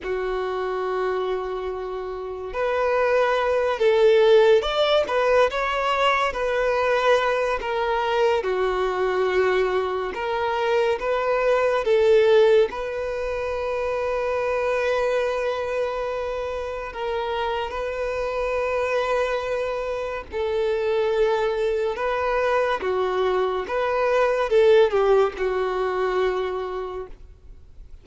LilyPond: \new Staff \with { instrumentName = "violin" } { \time 4/4 \tempo 4 = 71 fis'2. b'4~ | b'8 a'4 d''8 b'8 cis''4 b'8~ | b'4 ais'4 fis'2 | ais'4 b'4 a'4 b'4~ |
b'1 | ais'4 b'2. | a'2 b'4 fis'4 | b'4 a'8 g'8 fis'2 | }